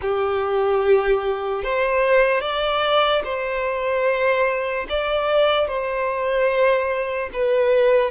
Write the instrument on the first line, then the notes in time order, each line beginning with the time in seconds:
violin
0.01 G4
1.63 C5
2.41 D5
3.24 C5
4.89 D5
5.67 C5
7.33 B4